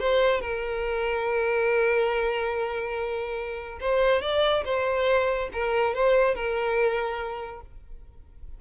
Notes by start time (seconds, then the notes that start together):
0.00 C5
0.41 A#4
3.81 C5
4.22 D5
4.65 C5
5.53 A#4
5.95 C5
6.35 A#4